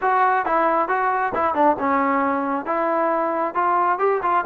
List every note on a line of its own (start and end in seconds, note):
0.01 0.45 F#4
0.45 0.88 E4
0.88 1.32 F#4
1.34 1.54 E4
1.54 1.76 D4
1.79 2.65 C#4
2.65 3.54 E4
3.54 3.98 F4
3.99 4.21 G4
4.22 4.44 F4